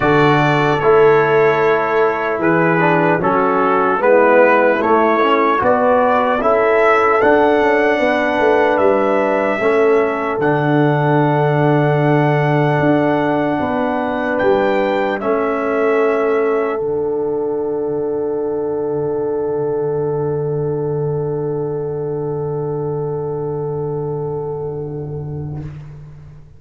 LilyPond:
<<
  \new Staff \with { instrumentName = "trumpet" } { \time 4/4 \tempo 4 = 75 d''4 cis''2 b'4 | a'4 b'4 cis''4 d''4 | e''4 fis''2 e''4~ | e''4 fis''2.~ |
fis''2 g''4 e''4~ | e''4 fis''2.~ | fis''1~ | fis''1 | }
  \new Staff \with { instrumentName = "horn" } { \time 4/4 a'2. gis'4 | fis'4 e'2 b'4 | a'2 b'2 | a'1~ |
a'4 b'2 a'4~ | a'1~ | a'1~ | a'1 | }
  \new Staff \with { instrumentName = "trombone" } { \time 4/4 fis'4 e'2~ e'8 d'8 | cis'4 b4 a8 cis'8 fis'4 | e'4 d'2. | cis'4 d'2.~ |
d'2. cis'4~ | cis'4 d'2.~ | d'1~ | d'1 | }
  \new Staff \with { instrumentName = "tuba" } { \time 4/4 d4 a2 e4 | fis4 gis4 a4 b4 | cis'4 d'8 cis'8 b8 a8 g4 | a4 d2. |
d'4 b4 g4 a4~ | a4 d2.~ | d1~ | d1 | }
>>